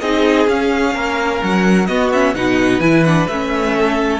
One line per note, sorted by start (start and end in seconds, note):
0.00 0.48 C4
0.00 0.47 D#4
0.00 0.94 G#4
0.00 0.47 D#5
0.47 1.88 C#4
0.47 0.95 C#4
0.47 1.43 F5
0.94 1.42 A#3
0.94 1.88 A#4
1.43 1.88 F#3
1.43 1.86 F#5
1.86 2.35 B3
1.86 2.12 B3
1.86 2.34 F#4
1.86 2.09 D#5
2.12 2.35 C#4
2.12 2.35 E5
2.35 2.79 B2
2.35 2.82 D#4
2.35 3.77 B4
2.35 2.80 F#5
2.79 3.26 E3
2.79 3.05 E4
2.79 3.04 G#5
3.04 3.29 D4
3.04 3.27 F#5
3.27 4.20 A3
3.27 4.20 C#4
3.27 4.20 E5
3.77 4.20 A4